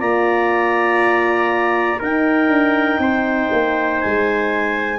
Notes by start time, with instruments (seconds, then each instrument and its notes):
0.00 tuba A#3, horn F4, trumpet D5, clarinet A#5
2.00 horn D#4, tuba D#4, trumpet A#4, clarinet G5
2.48 tuba D4
2.99 tuba C4, trumpet C5
3.52 tuba A#3
4.01 tuba G#3, clarinet G#5